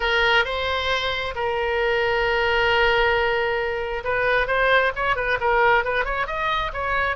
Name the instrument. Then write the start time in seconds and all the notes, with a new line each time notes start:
oboe
0.00 A#4
0.44 C5
1.35 A#4
4.03 B4
4.47 C5
4.95 C#5
5.16 B4
5.40 A#4
5.84 B4
6.04 C#5
6.27 D#5
6.73 C#5